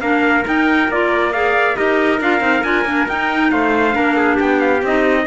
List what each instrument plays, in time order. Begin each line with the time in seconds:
0.00 cello A#3, clarinet D4, trumpet A#4 F5
0.44 clarinet D#4, cello D#4, trumpet G5
0.88 cello A#3, clarinet F4, trumpet D5
1.32 clarinet G#4, trumpet D5 F5
1.75 cello D#4, clarinet G4, trumpet A#4 D#5
2.20 cello D4, clarinet F4, trumpet F5
2.39 cello C4, clarinet D#4
2.63 cello D4, clarinet F4, trumpet G#5
2.84 cello A#3, clarinet D4
3.08 cello D#4, clarinet D#4, trumpet G5
3.50 cello A3, trumpet C5 F5
3.91 cello A#3, clarinet D4, trumpet A#4
4.17 trumpet G#4
4.34 cello B3, trumpet G4 G5
4.60 trumpet F5
4.82 cello C4, clarinet D#4, trumpet D#5